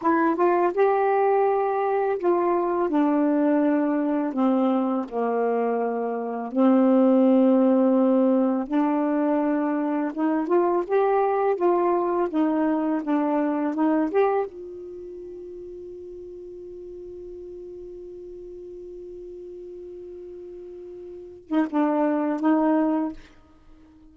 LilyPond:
\new Staff \with { instrumentName = "saxophone" } { \time 4/4 \tempo 4 = 83 e'8 f'8 g'2 f'4 | d'2 c'4 ais4~ | ais4 c'2. | d'2 dis'8 f'8 g'4 |
f'4 dis'4 d'4 dis'8 g'8 | f'1~ | f'1~ | f'4.~ f'16 dis'16 d'4 dis'4 | }